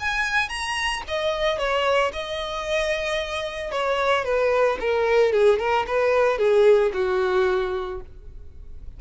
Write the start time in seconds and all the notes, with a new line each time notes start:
0.00 G#5
0.49 A#5
1.08 D#5
1.59 C#5
2.13 D#5
3.72 C#5
4.25 B4
4.80 A#4
5.33 G#4
5.59 A#4
5.87 B4
6.38 G#4
6.94 F#4